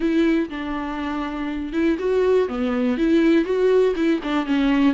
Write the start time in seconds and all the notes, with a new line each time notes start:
0.00 E4
0.49 D4
1.72 E4
1.98 F#4
2.48 B3
2.97 E4
3.45 F#4
3.95 E4
4.23 D4
4.45 C#4